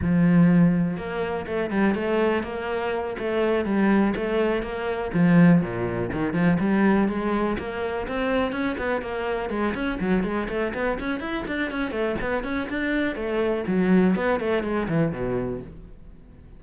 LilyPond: \new Staff \with { instrumentName = "cello" } { \time 4/4 \tempo 4 = 123 f2 ais4 a8 g8 | a4 ais4. a4 g8~ | g8 a4 ais4 f4 ais,8~ | ais,8 dis8 f8 g4 gis4 ais8~ |
ais8 c'4 cis'8 b8 ais4 gis8 | cis'8 fis8 gis8 a8 b8 cis'8 e'8 d'8 | cis'8 a8 b8 cis'8 d'4 a4 | fis4 b8 a8 gis8 e8 b,4 | }